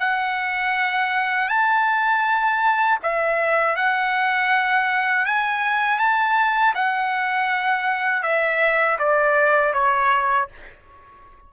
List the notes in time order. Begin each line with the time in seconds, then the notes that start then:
0.00 F#5
1.49 A5
3.03 E5
3.76 F#5
5.26 G#5
5.99 A5
6.75 F#5
8.23 E5
8.99 D5
9.74 C#5